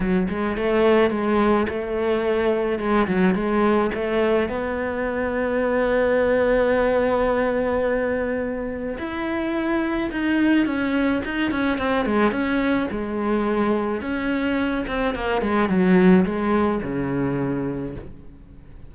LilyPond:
\new Staff \with { instrumentName = "cello" } { \time 4/4 \tempo 4 = 107 fis8 gis8 a4 gis4 a4~ | a4 gis8 fis8 gis4 a4 | b1~ | b1 |
e'2 dis'4 cis'4 | dis'8 cis'8 c'8 gis8 cis'4 gis4~ | gis4 cis'4. c'8 ais8 gis8 | fis4 gis4 cis2 | }